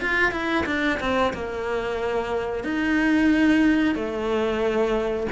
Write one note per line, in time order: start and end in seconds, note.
0.00 0.31 F4
0.31 0.64 E4
0.66 0.99 D4
1.00 1.33 C4
1.33 2.63 A#3
2.63 3.95 D#4
3.95 5.27 A3